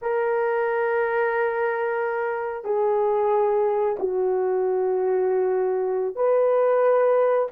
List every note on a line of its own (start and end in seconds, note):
0.01 2.64 A#4
2.64 3.96 G#4
3.99 6.15 F#4
6.15 7.48 B4